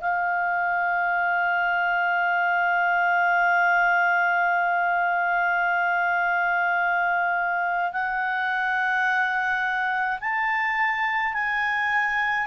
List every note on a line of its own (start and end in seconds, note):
0.00 7.92 F5
7.92 10.18 F#5
10.20 11.33 A5
11.33 12.46 G#5